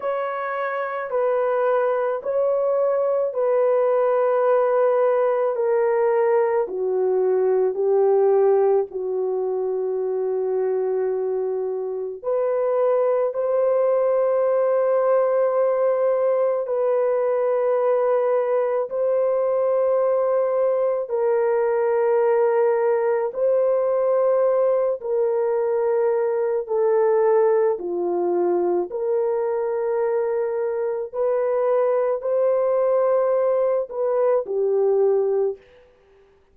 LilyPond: \new Staff \with { instrumentName = "horn" } { \time 4/4 \tempo 4 = 54 cis''4 b'4 cis''4 b'4~ | b'4 ais'4 fis'4 g'4 | fis'2. b'4 | c''2. b'4~ |
b'4 c''2 ais'4~ | ais'4 c''4. ais'4. | a'4 f'4 ais'2 | b'4 c''4. b'8 g'4 | }